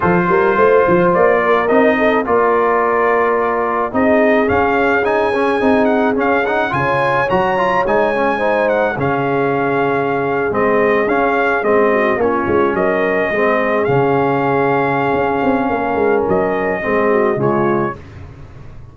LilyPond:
<<
  \new Staff \with { instrumentName = "trumpet" } { \time 4/4 \tempo 4 = 107 c''2 d''4 dis''4 | d''2. dis''4 | f''4 gis''4. fis''8 f''8 fis''8 | gis''4 ais''4 gis''4. fis''8 |
f''2~ f''8. dis''4 f''16~ | f''8. dis''4 cis''4 dis''4~ dis''16~ | dis''8. f''2.~ f''16~ | f''4 dis''2 cis''4 | }
  \new Staff \with { instrumentName = "horn" } { \time 4/4 a'8 ais'8 c''4. ais'4 a'8 | ais'2. gis'4~ | gis'1 | cis''2. c''4 |
gis'1~ | gis'4~ gis'16 fis'8 f'4 ais'4 gis'16~ | gis'1 | ais'2 gis'8 fis'8 f'4 | }
  \new Staff \with { instrumentName = "trombone" } { \time 4/4 f'2. dis'4 | f'2. dis'4 | cis'4 dis'8 cis'8 dis'4 cis'8 dis'8 | f'4 fis'8 f'8 dis'8 cis'8 dis'4 |
cis'2~ cis'8. c'4 cis'16~ | cis'8. c'4 cis'2 c'16~ | c'8. cis'2.~ cis'16~ | cis'2 c'4 gis4 | }
  \new Staff \with { instrumentName = "tuba" } { \time 4/4 f8 g8 a8 f8 ais4 c'4 | ais2. c'4 | cis'2 c'4 cis'4 | cis4 fis4 gis2 |
cis2~ cis8. gis4 cis'16~ | cis'8. gis4 ais8 gis8 fis4 gis16~ | gis8. cis2~ cis16 cis'8 c'8 | ais8 gis8 fis4 gis4 cis4 | }
>>